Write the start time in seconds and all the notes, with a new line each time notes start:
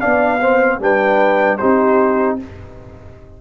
0.00 B3 D4 D5 F5
0.40 C4 C5
0.80 G3 D4 B4 G5
1.58 C4 D#4 G4 C5